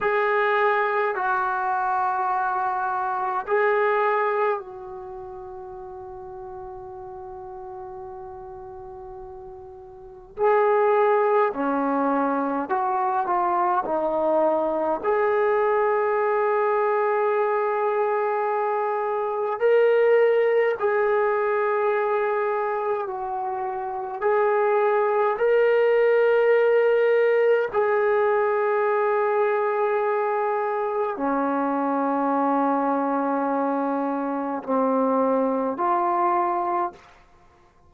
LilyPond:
\new Staff \with { instrumentName = "trombone" } { \time 4/4 \tempo 4 = 52 gis'4 fis'2 gis'4 | fis'1~ | fis'4 gis'4 cis'4 fis'8 f'8 | dis'4 gis'2.~ |
gis'4 ais'4 gis'2 | fis'4 gis'4 ais'2 | gis'2. cis'4~ | cis'2 c'4 f'4 | }